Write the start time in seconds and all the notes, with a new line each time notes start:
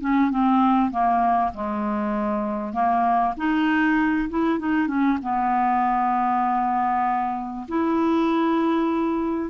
0.00 C#4
0.30 C4
0.91 A#3
1.54 G#3
2.73 A#3
3.37 D#4
4.29 E4
4.59 D#4
4.87 C#4
5.22 B3
7.68 E4